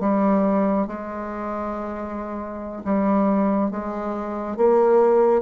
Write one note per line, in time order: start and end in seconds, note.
0.00 0.87 G3
0.87 2.83 G#3
2.84 3.70 G3
3.70 4.57 G#3
4.57 5.42 A#3